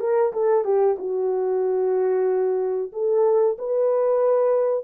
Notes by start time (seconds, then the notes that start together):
0.00 A#4
0.33 A4
0.64 G4
0.98 F#4
2.92 A4
3.58 B4